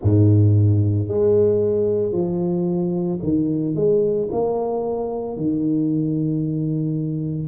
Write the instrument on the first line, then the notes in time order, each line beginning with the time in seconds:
tuba
0.02 G#2
1.08 G#3
2.12 F3
3.22 D#3
3.75 G#3
4.31 A#3
5.36 D#3